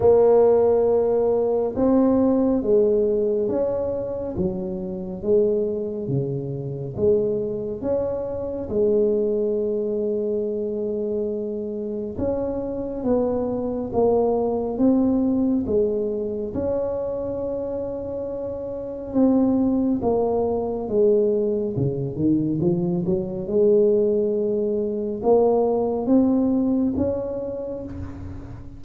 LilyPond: \new Staff \with { instrumentName = "tuba" } { \time 4/4 \tempo 4 = 69 ais2 c'4 gis4 | cis'4 fis4 gis4 cis4 | gis4 cis'4 gis2~ | gis2 cis'4 b4 |
ais4 c'4 gis4 cis'4~ | cis'2 c'4 ais4 | gis4 cis8 dis8 f8 fis8 gis4~ | gis4 ais4 c'4 cis'4 | }